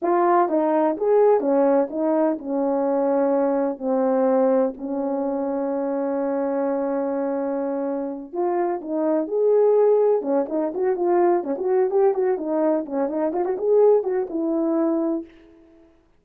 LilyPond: \new Staff \with { instrumentName = "horn" } { \time 4/4 \tempo 4 = 126 f'4 dis'4 gis'4 cis'4 | dis'4 cis'2. | c'2 cis'2~ | cis'1~ |
cis'4. f'4 dis'4 gis'8~ | gis'4. cis'8 dis'8 fis'8 f'4 | cis'16 fis'8. g'8 fis'8 dis'4 cis'8 dis'8 | f'16 fis'16 gis'4 fis'8 e'2 | }